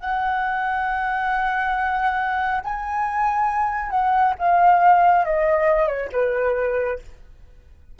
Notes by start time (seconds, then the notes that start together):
0.00 F#5
2.64 G#5
3.90 F#5
4.38 F5
5.25 D#5
5.87 C#5
6.12 B4